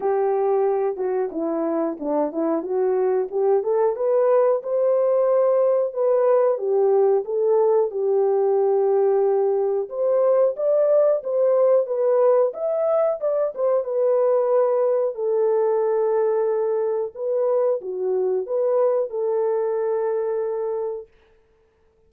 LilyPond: \new Staff \with { instrumentName = "horn" } { \time 4/4 \tempo 4 = 91 g'4. fis'8 e'4 d'8 e'8 | fis'4 g'8 a'8 b'4 c''4~ | c''4 b'4 g'4 a'4 | g'2. c''4 |
d''4 c''4 b'4 e''4 | d''8 c''8 b'2 a'4~ | a'2 b'4 fis'4 | b'4 a'2. | }